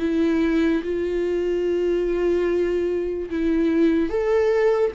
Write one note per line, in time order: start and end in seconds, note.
0.00 0.82 E4
0.83 3.30 F4
3.30 4.10 E4
4.10 4.92 A4